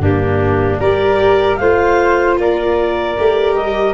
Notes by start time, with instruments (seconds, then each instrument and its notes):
0.00 tuba G2, viola A#3, flute D4, clarinet G4
0.79 tuba G3, viola G4, flute A#4, clarinet D5
1.56 tuba A3, viola F4, flute C5, clarinet F5
2.38 tuba A#3, flute A#4, clarinet D5
3.17 tuba A3, viola G4
3.55 tuba G3, clarinet D#5